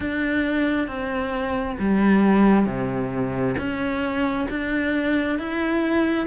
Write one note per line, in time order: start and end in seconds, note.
0.00 0.87 D4
0.87 1.77 C4
1.79 2.65 G3
2.65 3.55 C3
3.58 4.47 C#4
4.49 5.38 D4
5.38 6.27 E4